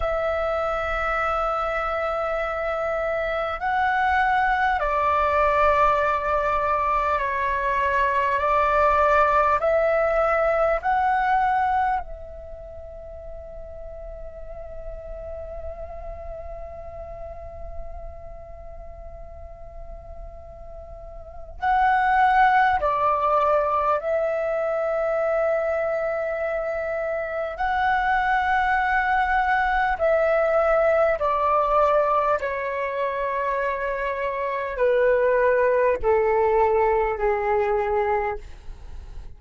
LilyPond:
\new Staff \with { instrumentName = "flute" } { \time 4/4 \tempo 4 = 50 e''2. fis''4 | d''2 cis''4 d''4 | e''4 fis''4 e''2~ | e''1~ |
e''2 fis''4 d''4 | e''2. fis''4~ | fis''4 e''4 d''4 cis''4~ | cis''4 b'4 a'4 gis'4 | }